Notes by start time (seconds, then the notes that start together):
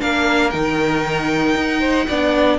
0.00 A#3 D4 A#4 F5
0.50 D#3 D#4 G5
1.55 D#4
1.80 C5
2.08 B3 D4 D5